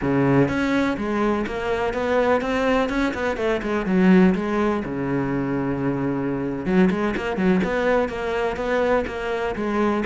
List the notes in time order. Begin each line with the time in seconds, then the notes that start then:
0.01 C#3
0.48 C#4
0.97 G#3
1.46 A#3
1.93 B3
2.41 C4
2.89 C#4
3.13 B3
3.37 A3
3.62 G#3
3.86 F#3
4.34 G#3
4.85 C#3
6.65 F#3
6.90 G#3
7.16 A#3
7.36 F#3
7.63 B3
8.09 A#3
8.56 B3
9.06 A#3
9.55 G#3